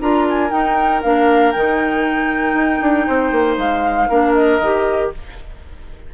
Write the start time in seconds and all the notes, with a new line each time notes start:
0.00 D4 F4 A#4 A#5
0.29 G#5
0.50 D#4 G5
1.02 A#3 D4 F5
1.52 D#3 D#4 G5
2.54 D#4
2.81 D4
3.06 C4 C5
3.31 A#3
3.57 G#3 F5
4.09 A#3 D4 A#4
4.33 D#5
4.60 D#3 G4